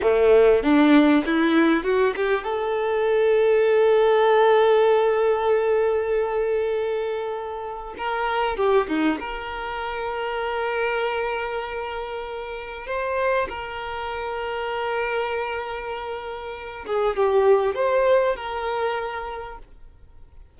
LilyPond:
\new Staff \with { instrumentName = "violin" } { \time 4/4 \tempo 4 = 98 a4 d'4 e'4 fis'8 g'8 | a'1~ | a'1~ | a'4 ais'4 g'8 dis'8 ais'4~ |
ais'1~ | ais'4 c''4 ais'2~ | ais'2.~ ais'8 gis'8 | g'4 c''4 ais'2 | }